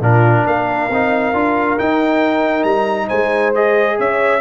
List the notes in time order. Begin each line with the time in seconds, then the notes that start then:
0.00 A#2 D4 F4 A#4
0.46 A#3 A#4 F5
0.89 C4 D#4
1.33 D4 F4
1.78 D#4 G5
2.63 G3 A#5
3.07 G#3 C5 G#5
3.54 G#4 D#5
3.98 C#4 C#5 E5